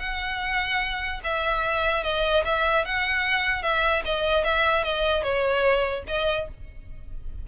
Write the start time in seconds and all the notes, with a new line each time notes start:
0.00 F#5
1.24 E5
2.04 D#5
2.45 E5
2.85 F#5
3.63 E5
4.05 D#5
4.45 E5
4.84 D#5
5.23 C#5
6.08 D#5